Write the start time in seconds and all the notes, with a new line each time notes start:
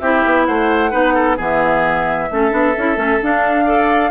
0.00 C4 E4 G4 E5
0.26 B3
0.46 A3 C5 F#5
0.91 B3 D#4 B4
1.15 A4
1.37 E3 B3 G#4 E5
2.31 A3 C#4 A4
2.51 B3 D4
2.78 C#4 E4
2.96 A3 C#4
3.22 D4 F5
3.66 A4 D5